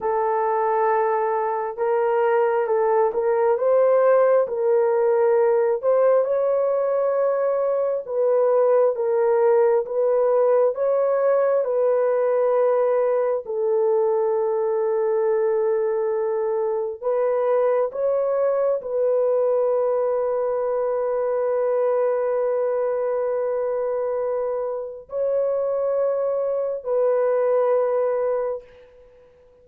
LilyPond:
\new Staff \with { instrumentName = "horn" } { \time 4/4 \tempo 4 = 67 a'2 ais'4 a'8 ais'8 | c''4 ais'4. c''8 cis''4~ | cis''4 b'4 ais'4 b'4 | cis''4 b'2 a'4~ |
a'2. b'4 | cis''4 b'2.~ | b'1 | cis''2 b'2 | }